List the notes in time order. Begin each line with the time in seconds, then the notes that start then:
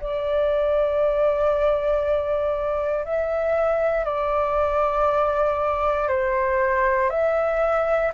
0.00 D5
3.04 E5
4.04 D5
6.08 C5
7.10 E5